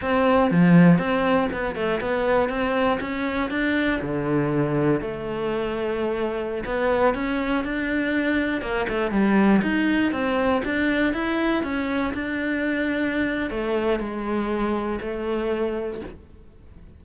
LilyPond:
\new Staff \with { instrumentName = "cello" } { \time 4/4 \tempo 4 = 120 c'4 f4 c'4 b8 a8 | b4 c'4 cis'4 d'4 | d2 a2~ | a4~ a16 b4 cis'4 d'8.~ |
d'4~ d'16 ais8 a8 g4 dis'8.~ | dis'16 c'4 d'4 e'4 cis'8.~ | cis'16 d'2~ d'8. a4 | gis2 a2 | }